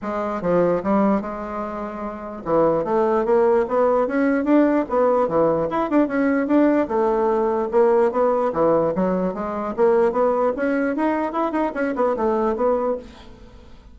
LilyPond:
\new Staff \with { instrumentName = "bassoon" } { \time 4/4 \tempo 4 = 148 gis4 f4 g4 gis4~ | gis2 e4 a4 | ais4 b4 cis'4 d'4 | b4 e4 e'8 d'8 cis'4 |
d'4 a2 ais4 | b4 e4 fis4 gis4 | ais4 b4 cis'4 dis'4 | e'8 dis'8 cis'8 b8 a4 b4 | }